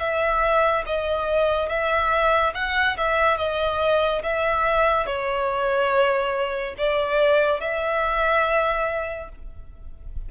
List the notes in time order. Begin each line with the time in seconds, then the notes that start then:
0.00 E5
0.87 D#5
1.69 E5
2.55 F#5
2.98 E5
3.38 D#5
4.23 E5
5.06 C#5
6.78 D5
7.61 E5